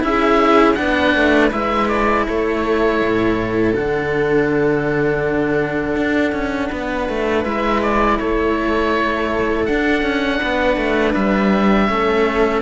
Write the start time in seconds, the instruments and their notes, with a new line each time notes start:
0.00 cello C#4 E4, viola G#4, oboe E5
0.74 cello B3 D4, viola B4, oboe F#5
1.15 cello A3
1.51 cello G#3 E4, oboe E5
1.88 oboe D5
2.26 cello A3, viola A4, oboe C#5
3.01 cello A2
3.75 cello D3 D4, oboe F#5
5.95 cello D4
6.32 cello C#4
6.69 cello B3, viola B4
7.09 cello A3
7.43 cello G#3 E4, oboe E5
7.82 oboe D5
8.18 cello A3, viola A4, oboe C#5
9.65 cello D4, oboe F#5
10.02 cello C#4
10.38 cello B3, viola B4
10.76 cello A3
11.14 cello G3, oboe E5
11.87 cello A3 C#4, viola A4